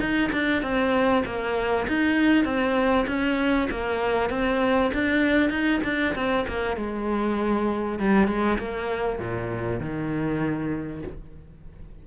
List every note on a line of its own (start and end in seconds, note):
0.00 0.31 D#4
0.32 0.63 D4
0.63 1.24 C4
1.25 1.86 A#3
1.88 2.44 D#4
2.44 3.06 C4
3.07 3.68 C#4
3.71 4.30 A#3
4.30 4.91 C4
4.94 5.50 D4
5.50 5.80 D#4
5.84 6.14 D4
6.15 6.46 C4
6.48 6.77 A#3
6.77 7.99 G#3
7.99 8.27 G3
8.27 8.58 G#3
8.59 9.19 A#3
9.19 9.80 A#2
9.80 11.03 D#3